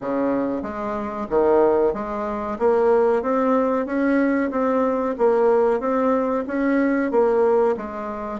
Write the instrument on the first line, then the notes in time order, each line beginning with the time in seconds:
bassoon
0.00 C#3
0.62 G#3
1.29 D#3
1.93 G#3
2.58 A#3
3.22 C4
3.85 C#4
4.50 C4
5.18 A#3
5.79 C4
6.47 C#4
7.11 A#3
7.76 G#3